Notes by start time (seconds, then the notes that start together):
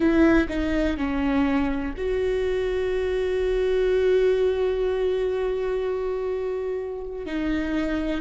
0.00 E4
0.48 D#4
0.97 C#4
1.97 F#4
7.26 D#4